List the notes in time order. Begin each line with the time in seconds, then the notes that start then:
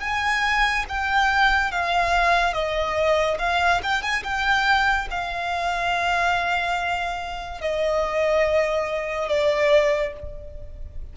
0.00 G#5
0.88 G5
1.71 F5
2.53 D#5
3.38 F5
3.83 G5
4.02 G#5
4.23 G5
5.10 F5
7.61 D#5
9.28 D5